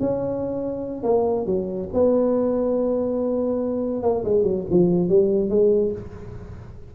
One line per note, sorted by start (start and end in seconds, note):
0.00 1.03 C#4
1.03 1.46 A#3
1.46 1.89 F#3
1.94 4.03 B3
4.03 4.24 A#3
4.25 4.43 G#3
4.43 4.65 F#3
4.70 5.09 F3
5.09 5.50 G3
5.50 5.92 G#3